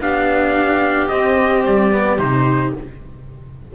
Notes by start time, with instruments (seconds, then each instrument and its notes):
0.00 double bass B3, cello D4, viola G4, trumpet F5
1.08 double bass C4, cello C4, trumpet D#5
1.65 double bass G3, trumpet D5
1.92 cello B3
2.18 double bass C3, cello D#4, trumpet C5